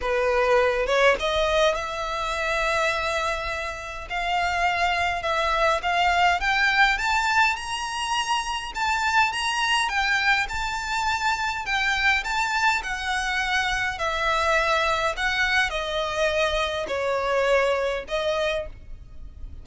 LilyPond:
\new Staff \with { instrumentName = "violin" } { \time 4/4 \tempo 4 = 103 b'4. cis''8 dis''4 e''4~ | e''2. f''4~ | f''4 e''4 f''4 g''4 | a''4 ais''2 a''4 |
ais''4 g''4 a''2 | g''4 a''4 fis''2 | e''2 fis''4 dis''4~ | dis''4 cis''2 dis''4 | }